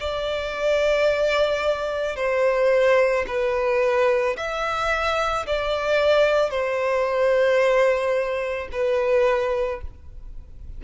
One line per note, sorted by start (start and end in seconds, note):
0.00 2.16 D5
2.16 3.25 C5
3.27 4.36 B4
4.37 5.46 E5
5.46 6.51 D5
6.51 8.69 C5
8.72 9.81 B4